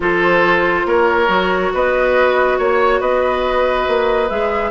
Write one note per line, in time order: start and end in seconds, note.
0.00 0.85 F3
0.00 1.27 F4
0.00 0.86 A4
0.00 0.87 C5
0.85 1.27 A#3
0.85 1.73 A#4
0.85 1.72 C#5
1.27 1.70 F#3
1.27 4.27 F#4
1.73 2.58 B3
1.73 2.58 B4
1.73 2.60 D#5
2.58 3.00 A#3
2.58 3.00 C#5
3.00 3.86 B3
3.00 4.70 B4
3.00 4.29 D#5
3.87 4.30 A#3
4.28 4.70 G#3
4.28 4.70 G#4
4.28 4.70 E5